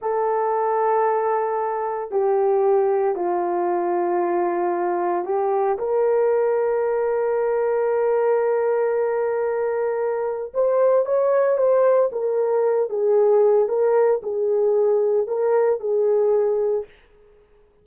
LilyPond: \new Staff \with { instrumentName = "horn" } { \time 4/4 \tempo 4 = 114 a'1 | g'2 f'2~ | f'2 g'4 ais'4~ | ais'1~ |
ais'1 | c''4 cis''4 c''4 ais'4~ | ais'8 gis'4. ais'4 gis'4~ | gis'4 ais'4 gis'2 | }